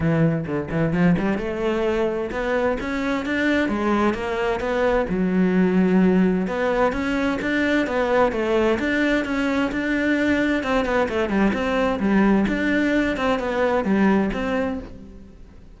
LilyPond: \new Staff \with { instrumentName = "cello" } { \time 4/4 \tempo 4 = 130 e4 d8 e8 f8 g8 a4~ | a4 b4 cis'4 d'4 | gis4 ais4 b4 fis4~ | fis2 b4 cis'4 |
d'4 b4 a4 d'4 | cis'4 d'2 c'8 b8 | a8 g8 c'4 g4 d'4~ | d'8 c'8 b4 g4 c'4 | }